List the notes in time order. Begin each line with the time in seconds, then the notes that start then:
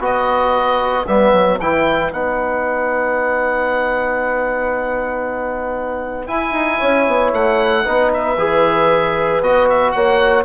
0.00 B3 F#4 B4 D#5
1.07 G3 B3 E5
1.33 F#3
1.60 E3 E4 G5
2.11 B3 D#4 F#5
6.28 E4 G#5
6.52 D#4
6.79 C#4 C#5
7.07 B3
7.33 A3 F#5
7.84 B3 D#4 B4
8.14 E5
8.37 E3 G#4
9.42 B3 F#4 D#5
9.69 E5
9.92 A#3 C#5 F#5